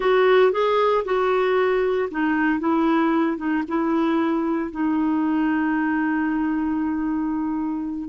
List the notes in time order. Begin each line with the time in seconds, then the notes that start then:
0.00 F#4
0.52 G#4
1.05 F#4
2.11 D#4
2.59 E4
3.37 D#4
3.68 E4
4.71 D#4